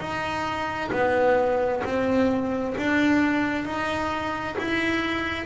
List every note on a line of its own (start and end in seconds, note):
0.00 0.91 D#4
0.92 1.83 B3
1.84 2.75 C4
2.78 3.65 D4
3.65 4.56 D#4
4.59 5.46 E4